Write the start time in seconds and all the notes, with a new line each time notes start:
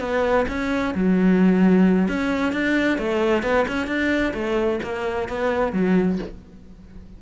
0.00 B3
0.48 C#4
0.95 F#3
2.08 C#4
2.53 D4
2.99 A3
3.43 B3
3.68 C#4
3.87 D4
4.34 A3
4.83 A#3
5.29 B3
5.73 F#3